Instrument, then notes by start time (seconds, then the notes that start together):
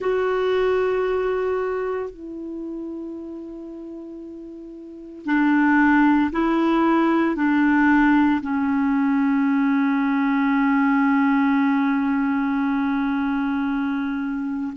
clarinet
0.00 F#4
2.10 E4
5.25 D4
6.32 E4
7.35 D4
8.41 C#4